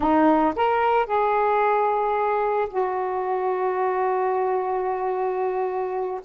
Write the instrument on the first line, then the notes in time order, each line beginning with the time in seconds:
saxophone
0.00 D#4
0.55 A#4
1.06 G#4
2.69 F#4